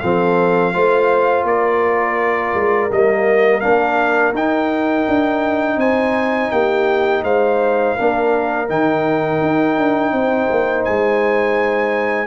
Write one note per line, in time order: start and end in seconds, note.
0.00 0.75 F3
0.00 0.74 C4
0.00 0.73 A4
0.00 1.45 F5
0.73 1.44 A3
0.73 2.91 F4
0.73 1.46 C5
1.44 2.52 A#3
1.44 5.79 A#4
1.44 2.91 D5
2.54 2.90 G#3
2.92 3.64 G3
2.92 3.61 A#3
2.92 3.61 D#5
3.61 4.33 A#3
3.61 4.34 D4
3.61 4.33 F5
4.33 5.06 D#4
4.33 7.98 D#4
4.33 5.80 G5
5.08 5.77 D4
5.77 6.49 C4
5.77 6.51 C5
5.77 6.51 G#5
6.51 7.23 A#3
6.51 7.23 G4
6.51 7.23 G5
7.23 7.95 G#3
7.23 7.96 C5
7.23 8.69 F5
7.96 8.69 A#3
7.96 8.67 D4
7.96 10.12 A#4
8.67 9.41 D#3
8.67 12.27 D#4
8.67 10.85 G5
9.41 9.78 D#4
9.78 10.12 D4
10.12 10.48 C4
10.12 12.27 C5
10.51 10.87 A#3
10.85 12.27 G#3
10.85 12.27 G#5